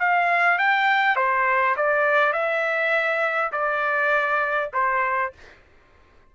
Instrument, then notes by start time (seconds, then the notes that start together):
trumpet
0.00 F5
0.59 G5
1.16 C5
1.77 D5
2.33 E5
3.53 D5
4.74 C5